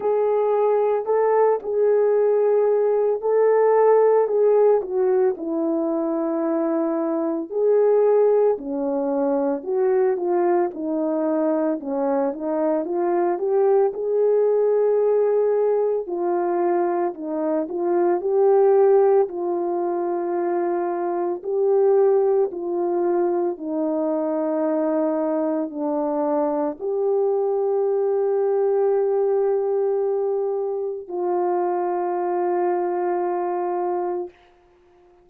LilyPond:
\new Staff \with { instrumentName = "horn" } { \time 4/4 \tempo 4 = 56 gis'4 a'8 gis'4. a'4 | gis'8 fis'8 e'2 gis'4 | cis'4 fis'8 f'8 dis'4 cis'8 dis'8 | f'8 g'8 gis'2 f'4 |
dis'8 f'8 g'4 f'2 | g'4 f'4 dis'2 | d'4 g'2.~ | g'4 f'2. | }